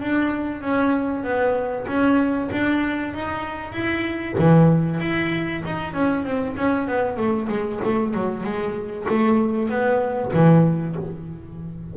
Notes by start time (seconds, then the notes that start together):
0.00 D4
0.61 C#4
1.23 B3
1.87 C#4
2.51 D4
3.14 D#4
3.72 E4
4.38 E3
4.99 E4
5.65 D#4
5.93 C#4
6.24 C4
6.56 C#4
6.88 B3
7.16 A3
7.49 G#3
7.84 A3
8.14 F#3
8.43 G#3
9.09 A3
9.69 B3
10.33 E3